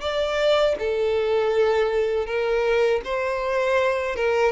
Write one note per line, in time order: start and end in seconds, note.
0.00 0.75 D5
0.78 2.26 A4
2.26 3.01 A#4
3.04 4.16 C5
4.16 4.52 A#4